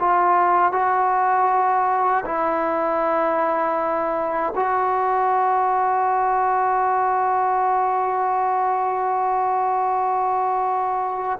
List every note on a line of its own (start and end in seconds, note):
0.00 0.72 F4
0.72 2.24 F#4
2.25 4.53 E4
4.56 11.39 F#4